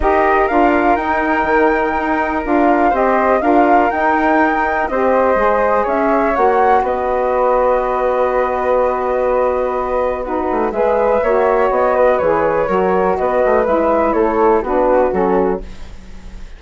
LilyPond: <<
  \new Staff \with { instrumentName = "flute" } { \time 4/4 \tempo 4 = 123 dis''4 f''4 g''2~ | g''4 f''4 dis''4 f''4 | g''2 dis''2 | e''4 fis''4 dis''2~ |
dis''1~ | dis''4 b'4 e''2 | dis''4 cis''2 dis''4 | e''4 cis''4 b'4 a'4 | }
  \new Staff \with { instrumentName = "flute" } { \time 4/4 ais'1~ | ais'2 c''4 ais'4~ | ais'2 c''2 | cis''2 b'2~ |
b'1~ | b'4 fis'4 b'4 cis''4~ | cis''8 b'4. ais'4 b'4~ | b'4 a'4 fis'2 | }
  \new Staff \with { instrumentName = "saxophone" } { \time 4/4 g'4 f'4 dis'2~ | dis'4 f'4 g'4 f'4 | dis'2 g'4 gis'4~ | gis'4 fis'2.~ |
fis'1~ | fis'4 dis'4 gis'4 fis'4~ | fis'4 gis'4 fis'2 | e'2 d'4 cis'4 | }
  \new Staff \with { instrumentName = "bassoon" } { \time 4/4 dis'4 d'4 dis'4 dis4 | dis'4 d'4 c'4 d'4 | dis'2 c'4 gis4 | cis'4 ais4 b2~ |
b1~ | b4. a8 gis4 ais4 | b4 e4 fis4 b8 a8 | gis4 a4 b4 fis4 | }
>>